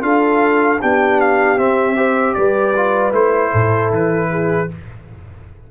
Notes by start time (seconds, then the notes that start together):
0.00 D4 F4 A4 F5
0.81 B3 D4 G4 G5
1.20 F5
1.57 C4 E5
1.96 G4 C5
2.34 G3 B4 D5
2.76 F4
3.12 A3 E4 C5
3.52 A2 A4
3.91 E3 B4
4.31 G#4